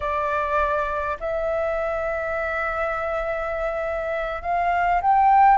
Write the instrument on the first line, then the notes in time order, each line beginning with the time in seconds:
flute
0.00 D5
1.20 E5
4.42 F5
5.01 G5